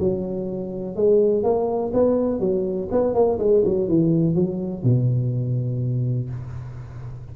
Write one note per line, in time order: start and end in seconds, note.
0.00 0.96 F#3
0.96 1.44 G#3
1.44 1.93 A#3
1.94 2.40 B3
2.40 2.89 F#3
2.92 3.15 B3
3.15 3.39 A#3
3.39 3.64 G#3
3.65 3.89 F#3
3.89 4.35 E3
4.35 4.84 F#3
4.84 6.30 B2